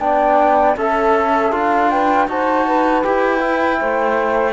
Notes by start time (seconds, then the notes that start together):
0.00 B3 D4 D5 G5
0.77 C#4 A4 E5
1.52 D4 F4 F5
1.90 B4 G5
2.28 D#4 F#4 C5 A5
2.66 B4
3.03 E4 G4 G5
3.40 E4
3.80 A3 C5